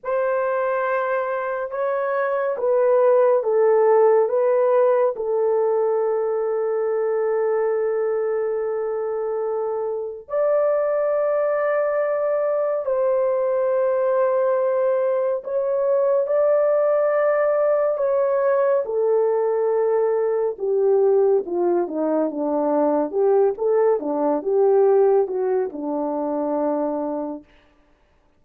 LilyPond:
\new Staff \with { instrumentName = "horn" } { \time 4/4 \tempo 4 = 70 c''2 cis''4 b'4 | a'4 b'4 a'2~ | a'1 | d''2. c''4~ |
c''2 cis''4 d''4~ | d''4 cis''4 a'2 | g'4 f'8 dis'8 d'4 g'8 a'8 | d'8 g'4 fis'8 d'2 | }